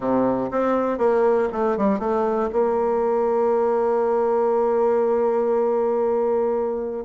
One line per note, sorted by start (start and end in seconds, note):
0.00 0.50 C3
0.50 0.98 C4
0.98 1.48 A#3
1.52 1.77 A3
1.77 1.99 G3
1.99 2.49 A3
2.52 7.05 A#3